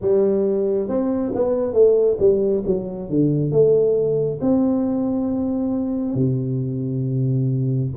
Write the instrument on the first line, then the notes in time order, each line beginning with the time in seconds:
tuba
0.01 G3
0.88 C4
1.34 B3
1.73 A3
2.19 G3
2.66 F#3
3.09 D3
3.51 A3
4.41 C4
6.14 C3